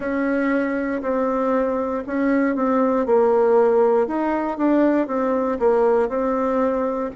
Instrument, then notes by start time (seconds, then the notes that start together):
bassoon
0.00 C#4
1.02 C4
2.07 C#4
2.55 C4
3.06 A#3
4.07 D#4
4.57 D4
5.07 C4
5.59 A#3
6.08 C4